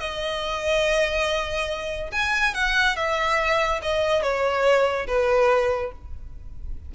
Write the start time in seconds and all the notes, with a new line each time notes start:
0.00 D#5
2.12 G#5
2.55 F#5
2.97 E5
3.82 D#5
4.23 C#5
5.08 B4